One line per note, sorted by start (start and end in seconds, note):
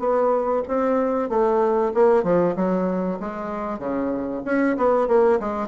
0.00 0.63 B3
0.68 1.30 C4
1.30 1.93 A3
1.95 2.24 A#3
2.24 2.56 F3
2.56 3.19 F#3
3.20 3.80 G#3
3.80 4.43 C#3
4.46 4.77 C#4
4.78 5.08 B3
5.08 5.40 A#3
5.40 5.68 G#3